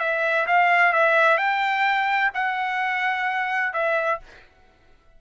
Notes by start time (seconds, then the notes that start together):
0.00 E5
0.47 F5
0.93 E5
1.38 G5
2.34 F#5
3.74 E5